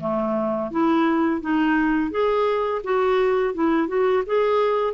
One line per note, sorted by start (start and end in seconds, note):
0.00 0.71 A3
0.71 1.41 E4
1.41 2.11 D#4
2.11 2.81 G#4
2.84 3.54 F#4
3.54 3.88 E4
3.88 4.23 F#4
4.26 4.93 G#4